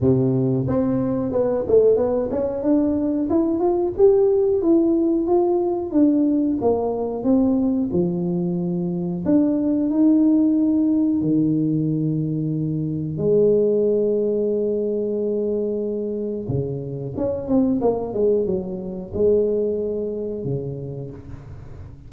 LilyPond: \new Staff \with { instrumentName = "tuba" } { \time 4/4 \tempo 4 = 91 c4 c'4 b8 a8 b8 cis'8 | d'4 e'8 f'8 g'4 e'4 | f'4 d'4 ais4 c'4 | f2 d'4 dis'4~ |
dis'4 dis2. | gis1~ | gis4 cis4 cis'8 c'8 ais8 gis8 | fis4 gis2 cis4 | }